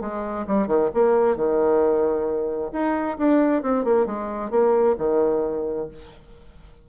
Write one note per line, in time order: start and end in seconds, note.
0.00 0.45 G#3
0.47 0.67 G3
0.67 0.89 D#3
0.94 1.36 A#3
1.36 2.71 D#3
2.72 3.17 D#4
3.18 3.62 D4
3.62 3.84 C4
3.84 4.06 A#3
4.06 4.50 G#3
4.50 4.95 A#3
4.98 5.88 D#3